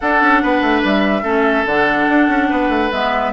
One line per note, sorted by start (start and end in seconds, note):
0.00 0.21 D4
0.00 1.24 D4
0.00 0.42 A4
0.00 0.82 F#5
0.21 0.42 C#4
0.42 0.61 B3
0.42 1.22 B4
0.61 0.82 A3
0.84 1.22 G3
0.84 1.66 E5
1.22 1.64 A3
1.22 1.65 C#4
1.22 2.47 A4
1.65 2.07 D3
1.65 2.93 D4
1.65 2.91 F#5
2.09 2.28 D4
2.28 2.49 C#4
2.49 2.68 B3
2.49 3.32 B4
2.68 2.89 A3
2.91 3.32 G#3
2.91 3.32 B3
2.91 3.32 E5